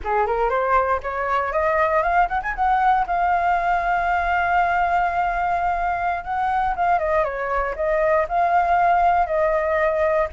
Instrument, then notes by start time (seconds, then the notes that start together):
flute
0.04 G#4
0.26 A#4
0.49 C5
1.02 C#5
1.52 D#5
2.02 F5
2.28 F#5
2.42 G#5
2.55 F#5
3.06 F5
6.24 F#5
6.75 F5
6.98 D#5
7.24 C#5
7.75 D#5
8.28 F5
9.26 D#5